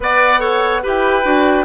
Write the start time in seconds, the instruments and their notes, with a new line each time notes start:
0.00 bassoon B3, clarinet B4, oboe D5, flute F#5
0.39 clarinet A4, oboe C#5
0.82 bassoon E4, clarinet G4, oboe B4, flute G5
1.22 bassoon D4, clarinet F#4